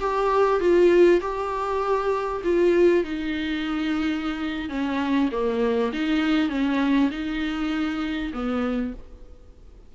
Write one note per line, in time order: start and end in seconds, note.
0.00 0.60 G4
0.60 1.21 F4
1.21 2.42 G4
2.44 3.04 F4
3.04 4.69 D#4
4.69 5.30 C#4
5.32 5.92 A#3
5.93 6.50 D#4
6.50 7.10 C#4
7.11 8.32 D#4
8.33 8.94 B3